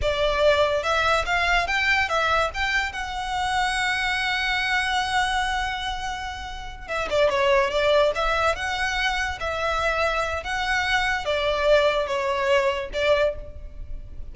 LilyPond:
\new Staff \with { instrumentName = "violin" } { \time 4/4 \tempo 4 = 144 d''2 e''4 f''4 | g''4 e''4 g''4 fis''4~ | fis''1~ | fis''1~ |
fis''8 e''8 d''8 cis''4 d''4 e''8~ | e''8 fis''2 e''4.~ | e''4 fis''2 d''4~ | d''4 cis''2 d''4 | }